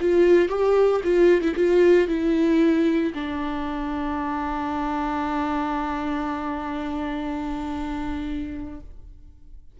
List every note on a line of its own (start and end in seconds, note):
0.00 0.49 F4
0.49 1.01 G4
1.04 1.41 F4
1.41 1.54 E4
1.56 2.07 F4
2.07 3.13 E4
3.14 8.80 D4